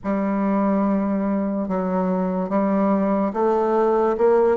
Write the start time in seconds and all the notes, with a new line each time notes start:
0.03 G3
1.68 F#3
2.49 G3
3.33 A3
4.17 A#3